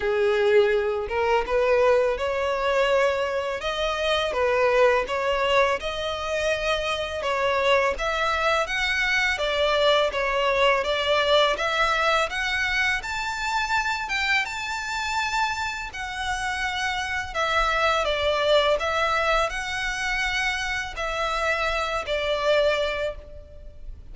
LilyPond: \new Staff \with { instrumentName = "violin" } { \time 4/4 \tempo 4 = 83 gis'4. ais'8 b'4 cis''4~ | cis''4 dis''4 b'4 cis''4 | dis''2 cis''4 e''4 | fis''4 d''4 cis''4 d''4 |
e''4 fis''4 a''4. g''8 | a''2 fis''2 | e''4 d''4 e''4 fis''4~ | fis''4 e''4. d''4. | }